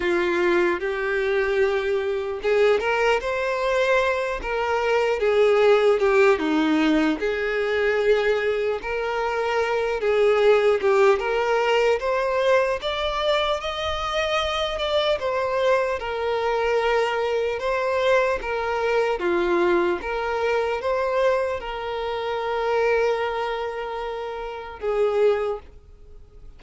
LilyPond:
\new Staff \with { instrumentName = "violin" } { \time 4/4 \tempo 4 = 75 f'4 g'2 gis'8 ais'8 | c''4. ais'4 gis'4 g'8 | dis'4 gis'2 ais'4~ | ais'8 gis'4 g'8 ais'4 c''4 |
d''4 dis''4. d''8 c''4 | ais'2 c''4 ais'4 | f'4 ais'4 c''4 ais'4~ | ais'2. gis'4 | }